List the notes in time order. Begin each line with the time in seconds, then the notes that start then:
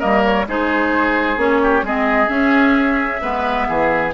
0.00 G3 A#3 A#4 D#5
0.25 C#5
0.47 G#3 D#4 G#4 C5
1.37 A#3 C#4 C#5
1.63 G4
1.83 G#3 C4 G#4 D#5
2.28 C#4 E5
3.22 G#3 B3 B4
3.69 E3 G#4